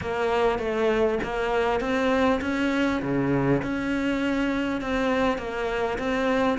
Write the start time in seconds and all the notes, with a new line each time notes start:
0.01 A#3
0.58 A3
1.23 A#3
1.80 C4
2.41 C#4
3.02 C#3
3.62 C#4
4.81 C4
5.38 A#3
5.98 C4